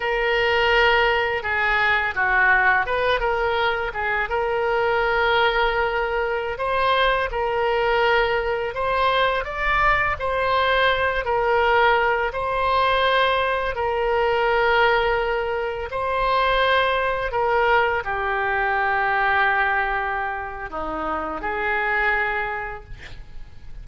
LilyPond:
\new Staff \with { instrumentName = "oboe" } { \time 4/4 \tempo 4 = 84 ais'2 gis'4 fis'4 | b'8 ais'4 gis'8 ais'2~ | ais'4~ ais'16 c''4 ais'4.~ ais'16~ | ais'16 c''4 d''4 c''4. ais'16~ |
ais'4~ ais'16 c''2 ais'8.~ | ais'2~ ais'16 c''4.~ c''16~ | c''16 ais'4 g'2~ g'8.~ | g'4 dis'4 gis'2 | }